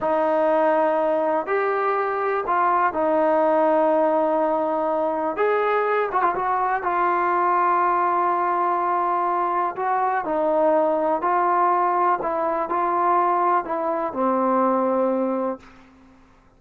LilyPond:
\new Staff \with { instrumentName = "trombone" } { \time 4/4 \tempo 4 = 123 dis'2. g'4~ | g'4 f'4 dis'2~ | dis'2. gis'4~ | gis'8 fis'16 f'16 fis'4 f'2~ |
f'1 | fis'4 dis'2 f'4~ | f'4 e'4 f'2 | e'4 c'2. | }